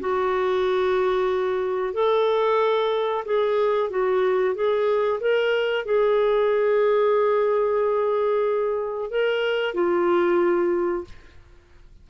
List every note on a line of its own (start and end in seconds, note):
0.00 1.94 F#4
1.94 3.24 A4
3.25 3.90 G#4
3.90 4.55 F#4
4.55 5.20 G#4
5.21 5.85 A#4
5.85 9.11 G#4
9.11 9.74 A#4
9.74 11.05 F4